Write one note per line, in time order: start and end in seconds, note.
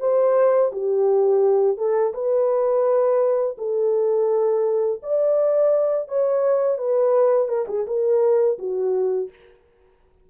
0.00 0.71 C5
0.72 1.77 G4
1.77 2.13 A4
2.14 3.57 B4
3.58 5.01 A4
5.03 6.08 D5
6.08 6.78 C#5
6.78 7.48 B4
7.48 7.66 A#4
7.68 7.86 G#4
7.87 8.58 A#4
8.58 9.30 F#4